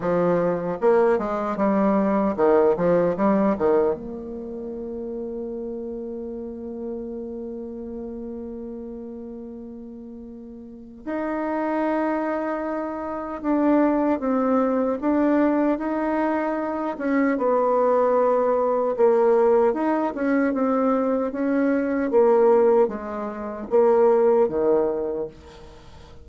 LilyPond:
\new Staff \with { instrumentName = "bassoon" } { \time 4/4 \tempo 4 = 76 f4 ais8 gis8 g4 dis8 f8 | g8 dis8 ais2.~ | ais1~ | ais2 dis'2~ |
dis'4 d'4 c'4 d'4 | dis'4. cis'8 b2 | ais4 dis'8 cis'8 c'4 cis'4 | ais4 gis4 ais4 dis4 | }